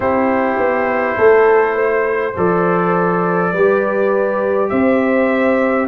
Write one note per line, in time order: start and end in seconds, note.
0.00 0.57 C4
0.00 2.32 E4
0.00 1.17 G4
0.00 2.36 C5
0.57 1.16 B3
1.17 2.35 A3
1.17 1.75 A4
1.75 3.51 C5
2.37 3.52 F3
2.37 3.54 A4
2.37 4.69 D5
3.52 4.70 G3
3.52 5.87 G4
3.52 4.70 B4
4.69 5.87 C4
4.69 5.87 C5
4.69 5.87 E5